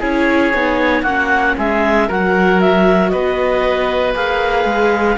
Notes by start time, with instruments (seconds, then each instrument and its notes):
0.00 cello C#4, viola E4, oboe G#4, clarinet C#5
0.54 cello B3, viola D#4
1.03 cello A#3, viola C#4, oboe F#4, clarinet F#5
1.58 cello G#3, oboe G#4, clarinet E5
2.08 cello F#3, viola F#4, oboe A#4, clarinet F#5
2.61 clarinet E5
3.10 cello B3, oboe B4, clarinet D#5
4.14 cello A#3, viola G#4, clarinet F5
4.65 cello G#3